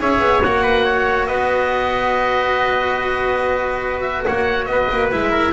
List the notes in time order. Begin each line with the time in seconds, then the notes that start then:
0.00 C#4 G#4 C#5 E5
0.20 B3
0.44 A#3 F#4 F#5
0.63 B4
0.84 C#5
1.27 B3 B4 D#5
4.01 E5
4.26 A#3 C#5 F#5
4.66 B3 D#5
4.72 B4
4.92 A#3
5.12 G#3 E4 E5
5.31 A#4